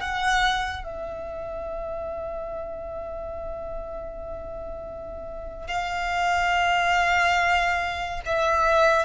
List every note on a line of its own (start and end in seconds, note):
0.00 0.84 F#5
0.84 5.68 E5
5.68 8.21 F5
8.25 9.05 E5